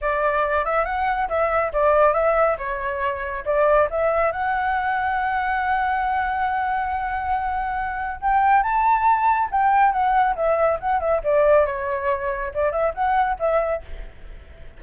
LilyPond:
\new Staff \with { instrumentName = "flute" } { \time 4/4 \tempo 4 = 139 d''4. e''8 fis''4 e''4 | d''4 e''4 cis''2 | d''4 e''4 fis''2~ | fis''1~ |
fis''2. g''4 | a''2 g''4 fis''4 | e''4 fis''8 e''8 d''4 cis''4~ | cis''4 d''8 e''8 fis''4 e''4 | }